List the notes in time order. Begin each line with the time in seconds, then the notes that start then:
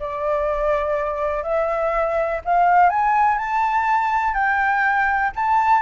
0.00 D5
1.43 E5
2.45 F5
2.90 G#5
3.38 A5
4.34 G5
5.35 A5